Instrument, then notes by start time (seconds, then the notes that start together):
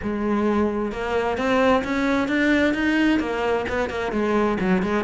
cello
0.02 G#3
0.91 A#3
1.37 C4
1.84 C#4
2.28 D4
2.74 D#4
3.19 A#3
3.68 B3
3.89 A#3
4.12 G#3
4.60 F#3
4.82 G#3